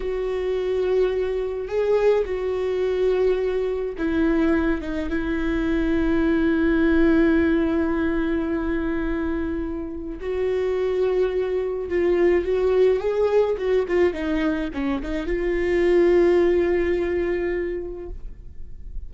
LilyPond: \new Staff \with { instrumentName = "viola" } { \time 4/4 \tempo 4 = 106 fis'2. gis'4 | fis'2. e'4~ | e'8 dis'8 e'2.~ | e'1~ |
e'2 fis'2~ | fis'4 f'4 fis'4 gis'4 | fis'8 f'8 dis'4 cis'8 dis'8 f'4~ | f'1 | }